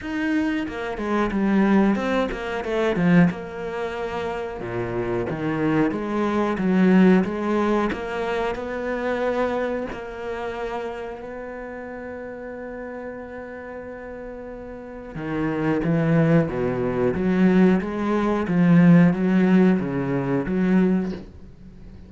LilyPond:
\new Staff \with { instrumentName = "cello" } { \time 4/4 \tempo 4 = 91 dis'4 ais8 gis8 g4 c'8 ais8 | a8 f8 ais2 ais,4 | dis4 gis4 fis4 gis4 | ais4 b2 ais4~ |
ais4 b2.~ | b2. dis4 | e4 b,4 fis4 gis4 | f4 fis4 cis4 fis4 | }